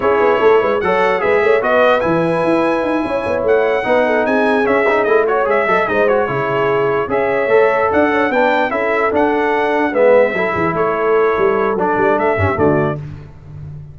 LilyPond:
<<
  \new Staff \with { instrumentName = "trumpet" } { \time 4/4 \tempo 4 = 148 cis''2 fis''4 e''4 | dis''4 gis''2.~ | gis''8 fis''2 gis''4 e''8~ | e''8 dis''8 cis''8 e''4 dis''8 cis''4~ |
cis''4. e''2 fis''8~ | fis''8 g''4 e''4 fis''4.~ | fis''8 e''2 cis''4.~ | cis''4 d''4 e''4 d''4 | }
  \new Staff \with { instrumentName = "horn" } { \time 4/4 gis'4 a'8 b'8 cis''4 b'8 cis''8 | b'2.~ b'8 cis''8~ | cis''4. b'8 a'8 gis'4.~ | gis'4 cis''4 dis''8 c''4 gis'8~ |
gis'4. cis''2 d''8 | cis''8 b'4 a'2~ a'8~ | a'8 b'4 a'8 gis'8 a'4.~ | a'2~ a'8 g'8 fis'4 | }
  \new Staff \with { instrumentName = "trombone" } { \time 4/4 e'2 a'4 gis'4 | fis'4 e'2.~ | e'4. dis'2 cis'8 | dis'8 e'8 fis'8 gis'8 a'8 dis'8 fis'8 e'8~ |
e'4. gis'4 a'4.~ | a'8 d'4 e'4 d'4.~ | d'8 b4 e'2~ e'8~ | e'4 d'4. cis'8 a4 | }
  \new Staff \with { instrumentName = "tuba" } { \time 4/4 cis'8 b8 a8 gis8 fis4 gis8 a8 | b4 e4 e'4 dis'8 cis'8 | b8 a4 b4 c'4 cis'8~ | cis'8 a4 gis8 fis8 gis4 cis8~ |
cis4. cis'4 a4 d'8~ | d'8 b4 cis'4 d'4.~ | d'8 gis4 fis8 e8 a4. | g4 fis8 g8 a8 g,8 d4 | }
>>